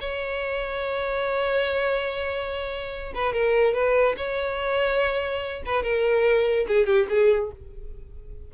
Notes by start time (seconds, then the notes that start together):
0.00 C#5
3.14 B4
3.33 A#4
3.73 B4
4.17 C#5
5.65 B4
5.83 A#4
6.67 G#4
6.86 G4
7.09 G#4